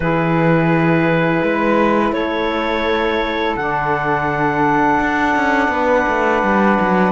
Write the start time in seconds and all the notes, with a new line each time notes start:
0.00 E3 E4 G#4 B4
1.42 G#3 B4
2.12 A3 A4 C#5
3.56 D3 D4 F#5
5.00 D4
5.35 C#4
5.68 B3 B4
6.08 A3
6.42 G3
6.80 F#3